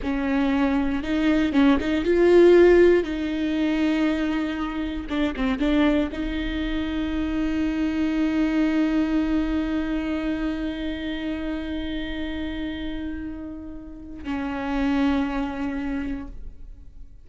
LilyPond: \new Staff \with { instrumentName = "viola" } { \time 4/4 \tempo 4 = 118 cis'2 dis'4 cis'8 dis'8 | f'2 dis'2~ | dis'2 d'8 c'8 d'4 | dis'1~ |
dis'1~ | dis'1~ | dis'1 | cis'1 | }